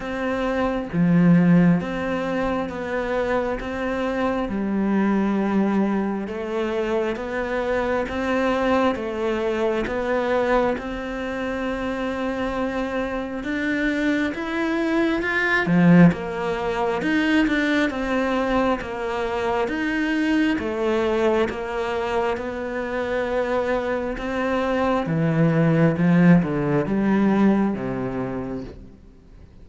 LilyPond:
\new Staff \with { instrumentName = "cello" } { \time 4/4 \tempo 4 = 67 c'4 f4 c'4 b4 | c'4 g2 a4 | b4 c'4 a4 b4 | c'2. d'4 |
e'4 f'8 f8 ais4 dis'8 d'8 | c'4 ais4 dis'4 a4 | ais4 b2 c'4 | e4 f8 d8 g4 c4 | }